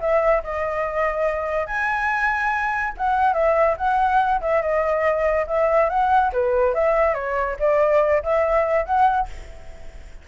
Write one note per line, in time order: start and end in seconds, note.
0.00 0.42 E5
0.43 1.67 D#5
1.67 2.93 G#5
2.97 3.33 F#5
3.33 3.75 E5
3.77 4.40 F#5
4.41 4.62 E5
4.62 5.46 D#5
5.47 5.89 E5
5.89 6.31 F#5
6.32 6.74 B4
6.74 7.14 E5
7.14 7.56 C#5
7.59 8.22 D5
8.23 8.85 E5
8.85 9.28 F#5